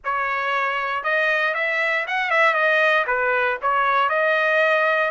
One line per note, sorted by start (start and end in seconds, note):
0.04 1.03 C#5
1.03 1.54 D#5
1.54 2.05 E5
2.07 2.30 F#5
2.30 2.54 E5
2.54 3.05 D#5
3.06 3.58 B4
3.62 4.09 C#5
4.09 5.11 D#5